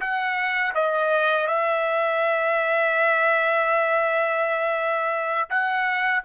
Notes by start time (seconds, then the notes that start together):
0.00 F#5
0.75 D#5
1.47 E5
5.50 F#5